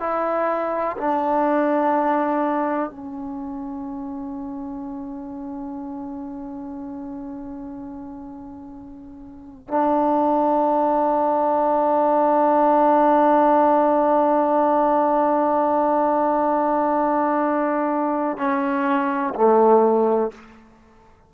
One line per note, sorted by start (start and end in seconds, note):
0.00 0.97 E4
0.98 2.90 D4
2.90 9.68 C#4
9.68 18.37 D4
18.37 19.34 C#4
19.35 20.32 A3